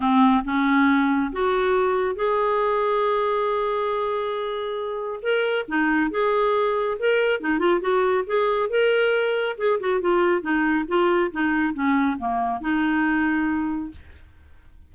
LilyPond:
\new Staff \with { instrumentName = "clarinet" } { \time 4/4 \tempo 4 = 138 c'4 cis'2 fis'4~ | fis'4 gis'2.~ | gis'1 | ais'4 dis'4 gis'2 |
ais'4 dis'8 f'8 fis'4 gis'4 | ais'2 gis'8 fis'8 f'4 | dis'4 f'4 dis'4 cis'4 | ais4 dis'2. | }